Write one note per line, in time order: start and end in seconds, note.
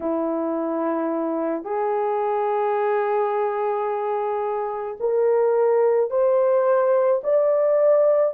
0.00 1.64 E4
1.64 4.97 G#4
4.99 6.10 A#4
6.10 7.21 C5
7.23 8.34 D5